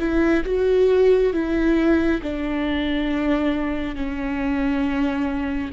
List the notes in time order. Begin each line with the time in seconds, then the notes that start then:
0.00 E4
0.45 F#4
1.33 E4
2.23 D4
3.95 C#4